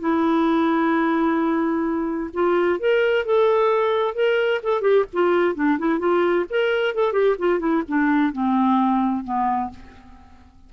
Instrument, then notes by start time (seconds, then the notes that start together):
clarinet
0.00 E4
2.34 F4
2.79 A#4
3.25 A4
4.15 A#4
4.63 A4
4.81 G4
5.13 F4
5.55 D4
5.79 E4
5.99 F4
6.50 A#4
6.95 A4
7.13 G4
7.39 F4
7.59 E4
7.88 D4
8.33 C4
9.24 B3